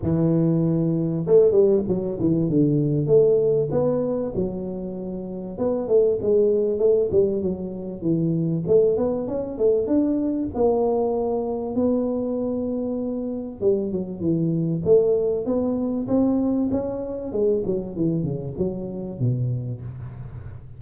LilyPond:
\new Staff \with { instrumentName = "tuba" } { \time 4/4 \tempo 4 = 97 e2 a8 g8 fis8 e8 | d4 a4 b4 fis4~ | fis4 b8 a8 gis4 a8 g8 | fis4 e4 a8 b8 cis'8 a8 |
d'4 ais2 b4~ | b2 g8 fis8 e4 | a4 b4 c'4 cis'4 | gis8 fis8 e8 cis8 fis4 b,4 | }